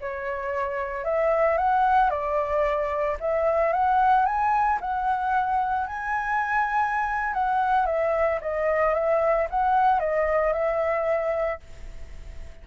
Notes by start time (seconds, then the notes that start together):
0.00 C#5
1.04 E5
1.57 F#5
2.10 D5
3.19 E5
3.73 F#5
4.25 G#5
4.80 F#5
5.86 G#5
7.33 F#5
7.86 E5
8.41 D#5
8.93 E5
9.49 F#5
9.99 D#5
10.52 E5